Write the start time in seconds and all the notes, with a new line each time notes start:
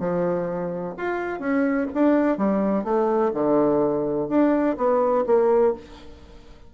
0.00 F3
0.98 F4
1.40 C#4
1.95 D4
2.38 G3
2.84 A3
3.34 D3
4.29 D4
4.78 B3
5.27 A#3